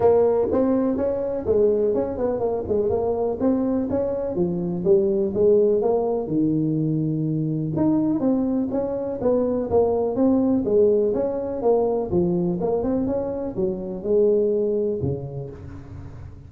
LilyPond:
\new Staff \with { instrumentName = "tuba" } { \time 4/4 \tempo 4 = 124 ais4 c'4 cis'4 gis4 | cis'8 b8 ais8 gis8 ais4 c'4 | cis'4 f4 g4 gis4 | ais4 dis2. |
dis'4 c'4 cis'4 b4 | ais4 c'4 gis4 cis'4 | ais4 f4 ais8 c'8 cis'4 | fis4 gis2 cis4 | }